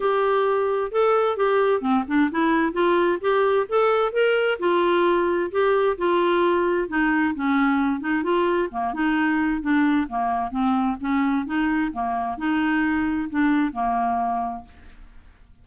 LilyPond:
\new Staff \with { instrumentName = "clarinet" } { \time 4/4 \tempo 4 = 131 g'2 a'4 g'4 | c'8 d'8 e'4 f'4 g'4 | a'4 ais'4 f'2 | g'4 f'2 dis'4 |
cis'4. dis'8 f'4 ais8 dis'8~ | dis'4 d'4 ais4 c'4 | cis'4 dis'4 ais4 dis'4~ | dis'4 d'4 ais2 | }